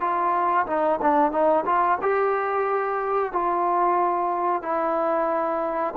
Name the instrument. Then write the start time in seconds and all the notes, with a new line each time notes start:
trombone
0.00 F4
0.66 D#4
1.01 D4
1.31 D#4
1.65 F4
2.01 G4
3.32 F4
4.62 E4